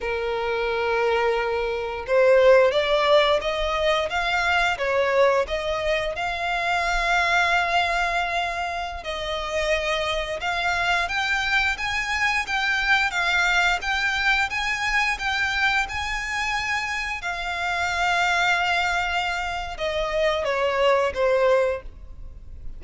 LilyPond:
\new Staff \with { instrumentName = "violin" } { \time 4/4 \tempo 4 = 88 ais'2. c''4 | d''4 dis''4 f''4 cis''4 | dis''4 f''2.~ | f''4~ f''16 dis''2 f''8.~ |
f''16 g''4 gis''4 g''4 f''8.~ | f''16 g''4 gis''4 g''4 gis''8.~ | gis''4~ gis''16 f''2~ f''8.~ | f''4 dis''4 cis''4 c''4 | }